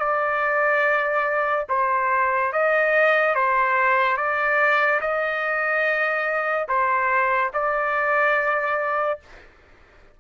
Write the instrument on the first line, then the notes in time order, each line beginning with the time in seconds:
trumpet
0.00 D5
1.70 C5
2.53 D#5
3.36 C5
4.17 D5
5.02 D#5
6.69 C5
7.54 D5